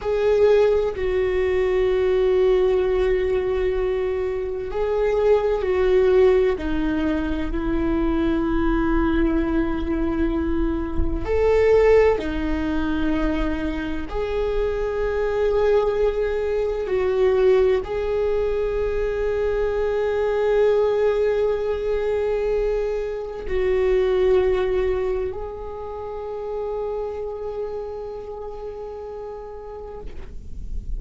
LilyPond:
\new Staff \with { instrumentName = "viola" } { \time 4/4 \tempo 4 = 64 gis'4 fis'2.~ | fis'4 gis'4 fis'4 dis'4 | e'1 | a'4 dis'2 gis'4~ |
gis'2 fis'4 gis'4~ | gis'1~ | gis'4 fis'2 gis'4~ | gis'1 | }